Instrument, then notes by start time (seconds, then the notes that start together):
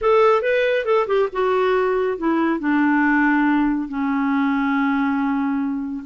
clarinet
0.01 A4
0.42 B4
0.85 A4
1.07 G4
1.32 F#4
2.17 E4
2.59 D4
3.88 C#4